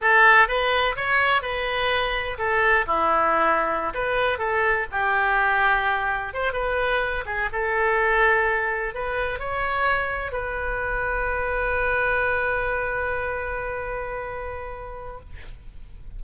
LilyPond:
\new Staff \with { instrumentName = "oboe" } { \time 4/4 \tempo 4 = 126 a'4 b'4 cis''4 b'4~ | b'4 a'4 e'2~ | e'16 b'4 a'4 g'4.~ g'16~ | g'4~ g'16 c''8 b'4. gis'8 a'16~ |
a'2~ a'8. b'4 cis''16~ | cis''4.~ cis''16 b'2~ b'16~ | b'1~ | b'1 | }